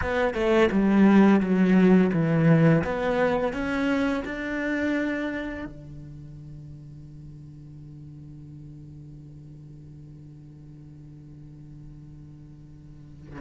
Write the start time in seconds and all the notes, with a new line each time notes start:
0.01 B3
0.33 A3
0.71 G3
1.40 F#3
2.13 E3
2.84 B3
3.53 C#4
4.24 D4
5.65 D3